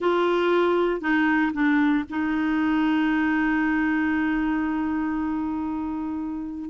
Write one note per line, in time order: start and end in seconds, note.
0.00 1.00 F4
1.00 1.52 D#4
1.53 2.04 D4
2.09 6.70 D#4